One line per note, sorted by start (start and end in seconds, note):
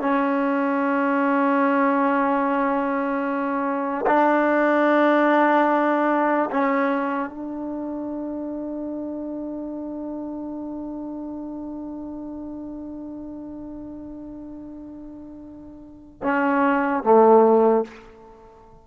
0.00 4.05 C#4
4.06 6.49 D4
6.50 7.29 C#4
7.29 16.21 D4
16.23 17.03 C#4
17.03 17.84 A3